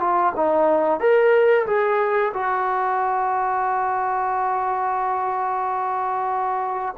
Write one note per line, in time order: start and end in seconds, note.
0.00 0.33 F4
0.36 1.00 D#4
1.00 1.66 A#4
1.67 2.33 G#4
2.33 6.95 F#4